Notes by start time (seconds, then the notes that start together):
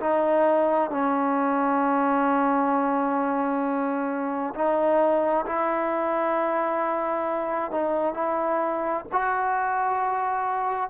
0.00 D#4
0.91 C#4
4.55 D#4
5.46 E4
7.72 D#4
8.14 E4
9.12 F#4